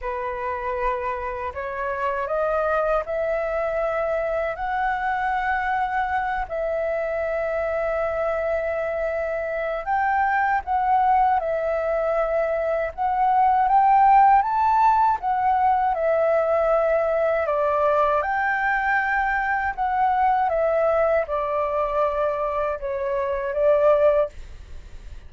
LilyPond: \new Staff \with { instrumentName = "flute" } { \time 4/4 \tempo 4 = 79 b'2 cis''4 dis''4 | e''2 fis''2~ | fis''8 e''2.~ e''8~ | e''4 g''4 fis''4 e''4~ |
e''4 fis''4 g''4 a''4 | fis''4 e''2 d''4 | g''2 fis''4 e''4 | d''2 cis''4 d''4 | }